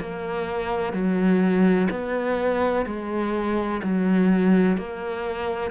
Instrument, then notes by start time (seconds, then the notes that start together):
cello
0.00 A#3
0.93 F#3
1.90 B3
2.85 G#3
3.83 F#3
4.77 A#3